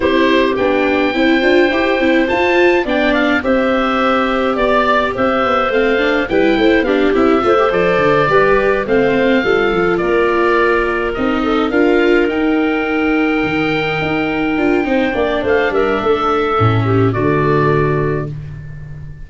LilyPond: <<
  \new Staff \with { instrumentName = "oboe" } { \time 4/4 \tempo 4 = 105 c''4 g''2. | a''4 g''8 f''8 e''2 | d''4 e''4 f''4 g''4 | f''8 e''4 d''2 f''8~ |
f''4. d''2 dis''8~ | dis''8 f''4 g''2~ g''8~ | g''2. f''8 e''8~ | e''2 d''2 | }
  \new Staff \with { instrumentName = "clarinet" } { \time 4/4 g'2 c''2~ | c''4 d''4 c''2 | d''4 c''2 b'8 c''8 | g'4 c''4. b'4 c''8~ |
c''8 a'4 ais'2~ ais'8 | a'8 ais'2.~ ais'8~ | ais'2 c''8 d''8 c''8 ais'8 | a'4. g'8 fis'2 | }
  \new Staff \with { instrumentName = "viola" } { \time 4/4 e'4 d'4 e'8 f'8 g'8 e'8 | f'4 d'4 g'2~ | g'2 c'8 d'8 e'4 | d'8 e'8 f'16 g'16 a'4 g'4 c'8~ |
c'8 f'2. dis'8~ | dis'8 f'4 dis'2~ dis'8~ | dis'4. f'8 dis'8 d'4.~ | d'4 cis'4 a2 | }
  \new Staff \with { instrumentName = "tuba" } { \time 4/4 c'4 b4 c'8 d'8 e'8 c'8 | f'4 b4 c'2 | b4 c'8 b8 a4 g8 a8 | b8 c'8 a8 f8 d8 g4 a8~ |
a8 g8 f8 ais2 c'8~ | c'8 d'4 dis'2 dis8~ | dis8 dis'4 d'8 c'8 ais8 a8 g8 | a4 a,4 d2 | }
>>